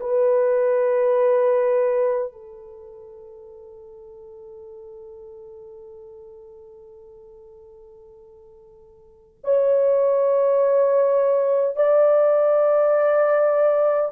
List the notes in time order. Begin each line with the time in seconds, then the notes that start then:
0.00 B4
2.32 A4
9.43 C#5
11.76 D5